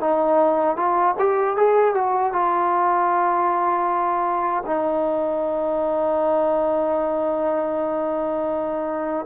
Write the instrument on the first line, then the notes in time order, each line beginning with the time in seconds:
trombone
0.00 D#4
0.76 F4
1.19 G4
1.57 G#4
1.94 F#4
2.33 F4
4.66 D#4